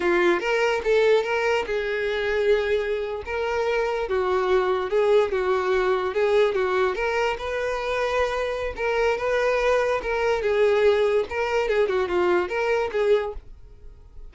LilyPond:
\new Staff \with { instrumentName = "violin" } { \time 4/4 \tempo 4 = 144 f'4 ais'4 a'4 ais'4 | gis'2.~ gis'8. ais'16~ | ais'4.~ ais'16 fis'2 gis'16~ | gis'8. fis'2 gis'4 fis'16~ |
fis'8. ais'4 b'2~ b'16~ | b'4 ais'4 b'2 | ais'4 gis'2 ais'4 | gis'8 fis'8 f'4 ais'4 gis'4 | }